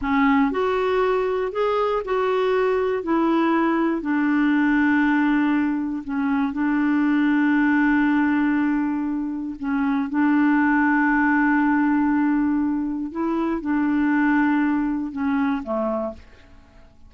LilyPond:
\new Staff \with { instrumentName = "clarinet" } { \time 4/4 \tempo 4 = 119 cis'4 fis'2 gis'4 | fis'2 e'2 | d'1 | cis'4 d'2.~ |
d'2. cis'4 | d'1~ | d'2 e'4 d'4~ | d'2 cis'4 a4 | }